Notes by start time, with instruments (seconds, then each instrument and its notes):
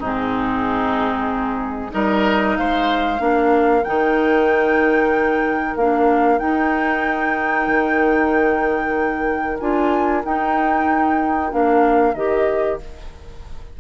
0.00 bassoon G#2, clarinet C4, oboe D#4, flute G#4
1.90 bassoon G3, clarinet D#4, oboe A#4, flute D#5
2.57 bassoon G#3, oboe C5, flute F5
3.18 bassoon A#3, clarinet D4, oboe A#4
3.84 bassoon D#3, clarinet D#4, flute G5
5.76 bassoon A#3, clarinet D4, flute F5
6.39 clarinet D#4, bassoon D#4, flute G5
7.68 bassoon D#3
9.60 bassoon D4, clarinet F4, flute G#5
10.24 clarinet D#4, bassoon D#4, flute G5
11.50 bassoon A#3, clarinet D4, flute F5
12.15 bassoon D#3, clarinet G4, flute D#5